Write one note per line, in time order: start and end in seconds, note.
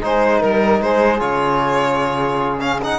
0.00 0.42 G#3
0.00 1.19 D#4
0.00 0.38 G#4
0.00 0.42 C5
0.38 0.81 G3
0.38 0.78 A#4
0.38 0.82 A#4
0.81 1.20 G#3
0.81 2.99 G#4
0.81 1.20 C5
1.19 2.99 C#3
1.19 2.59 F4
1.19 2.59 C#5
2.59 2.80 C#4
2.59 2.79 F5
2.82 2.99 D#4
2.82 2.99 F#5